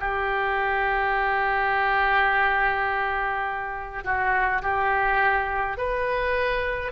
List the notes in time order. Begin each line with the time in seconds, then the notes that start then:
0.00 G4
4.04 F#4
4.63 G4
5.77 B4